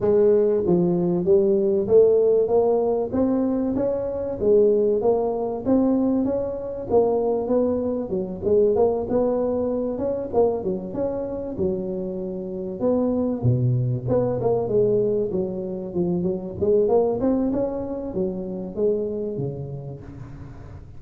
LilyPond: \new Staff \with { instrumentName = "tuba" } { \time 4/4 \tempo 4 = 96 gis4 f4 g4 a4 | ais4 c'4 cis'4 gis4 | ais4 c'4 cis'4 ais4 | b4 fis8 gis8 ais8 b4. |
cis'8 ais8 fis8 cis'4 fis4.~ | fis8 b4 b,4 b8 ais8 gis8~ | gis8 fis4 f8 fis8 gis8 ais8 c'8 | cis'4 fis4 gis4 cis4 | }